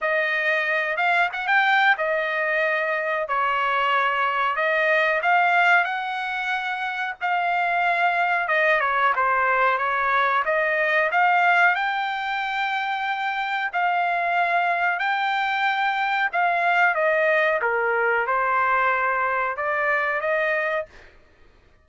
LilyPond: \new Staff \with { instrumentName = "trumpet" } { \time 4/4 \tempo 4 = 92 dis''4. f''8 fis''16 g''8. dis''4~ | dis''4 cis''2 dis''4 | f''4 fis''2 f''4~ | f''4 dis''8 cis''8 c''4 cis''4 |
dis''4 f''4 g''2~ | g''4 f''2 g''4~ | g''4 f''4 dis''4 ais'4 | c''2 d''4 dis''4 | }